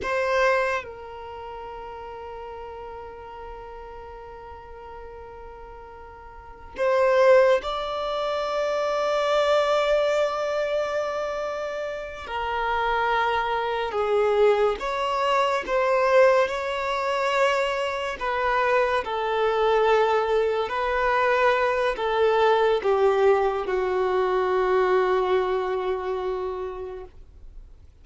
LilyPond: \new Staff \with { instrumentName = "violin" } { \time 4/4 \tempo 4 = 71 c''4 ais'2.~ | ais'1 | c''4 d''2.~ | d''2~ d''8 ais'4.~ |
ais'8 gis'4 cis''4 c''4 cis''8~ | cis''4. b'4 a'4.~ | a'8 b'4. a'4 g'4 | fis'1 | }